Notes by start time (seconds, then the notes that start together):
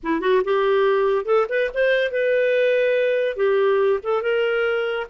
0.03 E4
0.21 F#4
0.44 G4
1.25 A4
1.49 B4
1.73 C5
2.11 B4
3.36 G4
4.03 A4
4.22 A#4